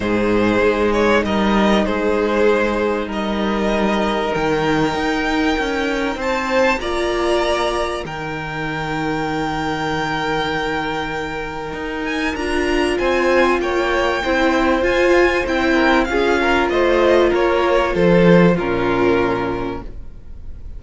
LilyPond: <<
  \new Staff \with { instrumentName = "violin" } { \time 4/4 \tempo 4 = 97 c''4. cis''8 dis''4 c''4~ | c''4 dis''2 g''4~ | g''2 a''4 ais''4~ | ais''4 g''2.~ |
g''2.~ g''8 gis''8 | ais''4 gis''4 g''2 | gis''4 g''4 f''4 dis''4 | cis''4 c''4 ais'2 | }
  \new Staff \with { instrumentName = "violin" } { \time 4/4 gis'2 ais'4 gis'4~ | gis'4 ais'2.~ | ais'2 c''4 d''4~ | d''4 ais'2.~ |
ais'1~ | ais'4 c''4 cis''4 c''4~ | c''4. ais'8 gis'8 ais'8 c''4 | ais'4 a'4 f'2 | }
  \new Staff \with { instrumentName = "viola" } { \time 4/4 dis'1~ | dis'1~ | dis'2. f'4~ | f'4 dis'2.~ |
dis'1 | f'2. e'4 | f'4 e'4 f'2~ | f'2 cis'2 | }
  \new Staff \with { instrumentName = "cello" } { \time 4/4 gis,4 gis4 g4 gis4~ | gis4 g2 dis4 | dis'4 cis'4 c'4 ais4~ | ais4 dis2.~ |
dis2. dis'4 | d'4 c'4 ais4 c'4 | f'4 c'4 cis'4 a4 | ais4 f4 ais,2 | }
>>